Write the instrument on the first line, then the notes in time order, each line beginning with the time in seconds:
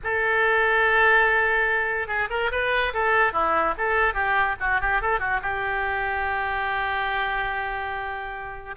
oboe
0.03 A4
2.07 G#4
2.30 A#4
2.51 B4
2.93 A4
3.32 E4
3.77 A4
4.14 G4
4.59 F#4
4.80 G4
5.01 A4
5.19 F#4
5.41 G4